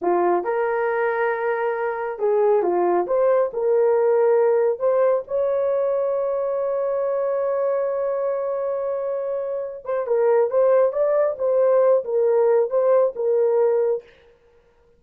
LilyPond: \new Staff \with { instrumentName = "horn" } { \time 4/4 \tempo 4 = 137 f'4 ais'2.~ | ais'4 gis'4 f'4 c''4 | ais'2. c''4 | cis''1~ |
cis''1~ | cis''2~ cis''8 c''8 ais'4 | c''4 d''4 c''4. ais'8~ | ais'4 c''4 ais'2 | }